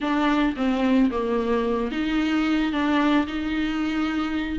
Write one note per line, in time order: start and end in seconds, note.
0.00 0.55 D4
0.56 1.10 C4
1.10 1.91 A#3
1.91 2.72 D#4
2.72 3.26 D4
3.27 4.59 D#4